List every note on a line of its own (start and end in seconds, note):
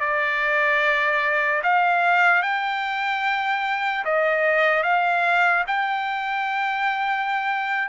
0.00 1.62 D5
1.63 2.43 F5
2.43 4.05 G5
4.05 4.84 D#5
4.84 5.65 F5
5.67 7.89 G5